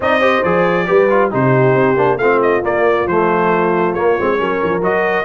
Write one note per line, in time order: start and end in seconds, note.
0.00 0.43 C4
0.00 0.21 D#4
0.00 0.20 D5
0.00 0.43 D#5
0.20 0.42 G4
0.20 0.85 C5
0.43 0.88 F3
0.43 0.85 G#4
0.43 1.30 D5
0.85 1.33 G3
0.85 1.07 G4
0.85 1.31 B4
1.09 1.30 F4
1.30 1.74 C3
1.30 1.96 D#4
1.30 2.19 G4
1.30 2.18 C5
1.74 1.96 C4
1.96 2.18 A#3
1.96 2.18 D4
2.18 2.61 A3
2.18 2.62 C4
2.18 4.39 F4
2.18 2.40 F5
2.42 2.64 D#5
2.62 3.06 A#3
2.62 3.05 A#3
2.62 3.07 D5
3.05 3.93 F3
3.05 3.97 A3
3.05 3.94 C5
3.94 4.16 A#3
3.94 4.19 A#3
3.94 4.81 C#5
4.19 4.40 G#3
4.19 4.37 C4
4.37 4.61 F#3
4.37 4.81 C#4
4.37 5.25 A#4
4.63 4.81 F3
4.81 5.24 F#3
4.81 5.25 F#4
4.81 5.25 D#5